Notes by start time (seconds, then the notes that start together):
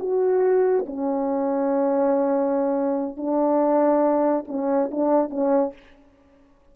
0.00 F#4
0.87 C#4
3.17 D4
4.48 C#4
4.92 D4
5.31 C#4